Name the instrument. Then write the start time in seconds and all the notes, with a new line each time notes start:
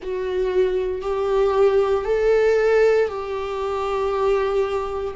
viola
0.02 F#4
1.01 G4
2.05 A4
3.08 G4